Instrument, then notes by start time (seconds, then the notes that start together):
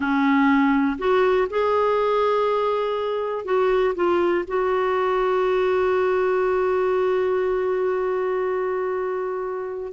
clarinet
0.00 C#4
0.98 F#4
1.50 G#4
3.44 F#4
3.95 F4
4.47 F#4